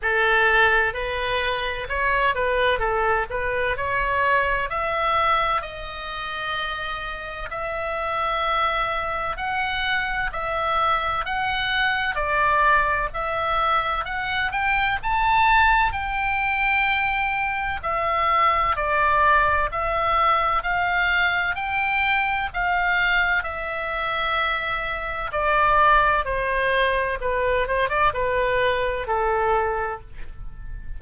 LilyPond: \new Staff \with { instrumentName = "oboe" } { \time 4/4 \tempo 4 = 64 a'4 b'4 cis''8 b'8 a'8 b'8 | cis''4 e''4 dis''2 | e''2 fis''4 e''4 | fis''4 d''4 e''4 fis''8 g''8 |
a''4 g''2 e''4 | d''4 e''4 f''4 g''4 | f''4 e''2 d''4 | c''4 b'8 c''16 d''16 b'4 a'4 | }